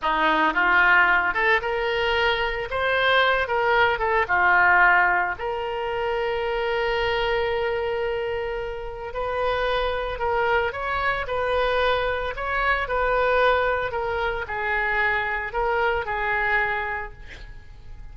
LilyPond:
\new Staff \with { instrumentName = "oboe" } { \time 4/4 \tempo 4 = 112 dis'4 f'4. a'8 ais'4~ | ais'4 c''4. ais'4 a'8 | f'2 ais'2~ | ais'1~ |
ais'4 b'2 ais'4 | cis''4 b'2 cis''4 | b'2 ais'4 gis'4~ | gis'4 ais'4 gis'2 | }